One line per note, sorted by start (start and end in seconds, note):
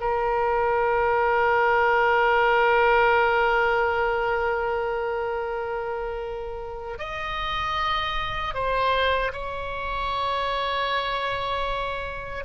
0.00 6.98 A#4
6.98 8.54 D#5
8.54 9.32 C5
9.32 12.44 C#5